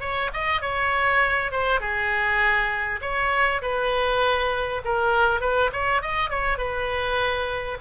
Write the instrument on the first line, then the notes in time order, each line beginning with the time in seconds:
oboe
0.00 C#5
0.33 D#5
0.61 C#5
1.51 C5
1.80 G#4
3.01 C#5
3.62 B4
4.84 A#4
5.41 B4
5.73 C#5
6.02 D#5
6.30 C#5
6.58 B4